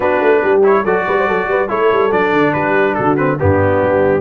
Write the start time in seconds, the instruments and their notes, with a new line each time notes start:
0.00 tuba B3, trombone D4, horn F#4, trumpet B4
0.21 tuba A3
0.42 tuba G3, horn G4
0.63 trombone E4, trumpet C#5
0.83 tuba F#3, trombone F#4, horn A4, trumpet D5
1.07 tuba G3, horn B4
1.18 horn C5
1.27 tuba F#3, horn A4
1.47 tuba G3, horn B4
1.68 tuba A3, trombone E4, horn A4, trumpet C#5
1.92 tuba G3
2.11 tuba F#3, trombone D4, trumpet D5
2.32 tuba D3
2.53 tuba G3, horn G4, trumpet B4
2.94 tuba D3, horn F#4, trumpet A4
3.16 trombone C4, trumpet B4
3.39 tuba G2, trombone B3, horn D4, trumpet G4
3.83 tuba G3